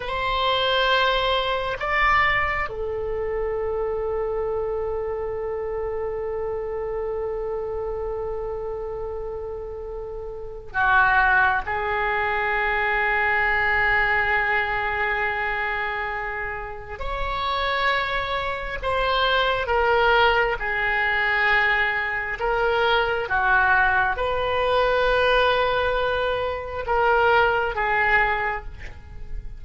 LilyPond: \new Staff \with { instrumentName = "oboe" } { \time 4/4 \tempo 4 = 67 c''2 d''4 a'4~ | a'1~ | a'1 | fis'4 gis'2.~ |
gis'2. cis''4~ | cis''4 c''4 ais'4 gis'4~ | gis'4 ais'4 fis'4 b'4~ | b'2 ais'4 gis'4 | }